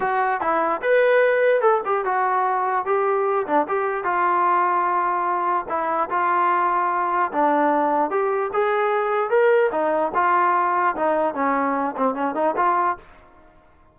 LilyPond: \new Staff \with { instrumentName = "trombone" } { \time 4/4 \tempo 4 = 148 fis'4 e'4 b'2 | a'8 g'8 fis'2 g'4~ | g'8 d'8 g'4 f'2~ | f'2 e'4 f'4~ |
f'2 d'2 | g'4 gis'2 ais'4 | dis'4 f'2 dis'4 | cis'4. c'8 cis'8 dis'8 f'4 | }